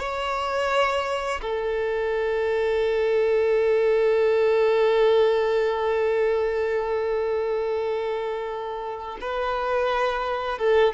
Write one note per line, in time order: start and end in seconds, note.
0.00 1.41 C#5
1.42 9.18 A4
9.21 10.59 B4
10.59 10.94 A4